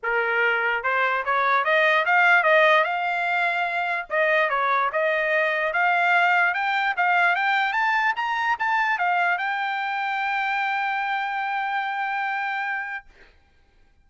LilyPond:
\new Staff \with { instrumentName = "trumpet" } { \time 4/4 \tempo 4 = 147 ais'2 c''4 cis''4 | dis''4 f''4 dis''4 f''4~ | f''2 dis''4 cis''4 | dis''2 f''2 |
g''4 f''4 g''4 a''4 | ais''4 a''4 f''4 g''4~ | g''1~ | g''1 | }